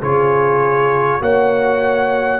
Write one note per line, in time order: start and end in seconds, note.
0.00 1.21 C#3
0.00 1.21 F4
0.00 1.20 G#4
0.00 1.22 C#5
1.21 2.40 A#3
1.21 2.40 F#4
1.21 2.40 C#5
1.21 2.40 F#5